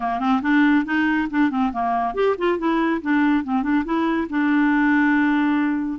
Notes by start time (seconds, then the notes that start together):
0.00 A#3
0.19 C4
0.42 D4
0.85 D#4
1.30 D4
1.50 C4
1.72 A#3
2.14 G4
2.38 F4
2.58 E4
3.01 D4
3.44 C4
3.62 D4
3.84 E4
4.29 D4